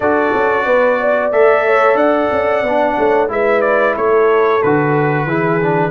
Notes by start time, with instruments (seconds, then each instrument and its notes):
0.00 tuba D4, trombone F#4, horn A4, trumpet D5
0.33 tuba C#4
0.65 tuba B3, horn B4
1.00 horn D5
1.31 tuba A3, trombone A4, trumpet E5
1.66 horn C#5
1.94 tuba D4, horn D5, trumpet F#5
2.31 tuba C#4
2.62 tuba B3, trombone D4
2.97 tuba A3, horn C#5
3.28 tuba G#3, trombone E4, horn B4, trumpet E5
3.61 trumpet D5
3.96 tuba A3, horn A4, trumpet C#5
4.62 tuba D3, trombone F#4, trumpet B4
5.25 tuba E3, trombone E4, horn G#4
5.61 trombone D4